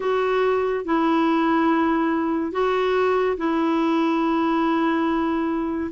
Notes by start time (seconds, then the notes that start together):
0.00 F#4
0.85 E4
2.52 F#4
3.37 E4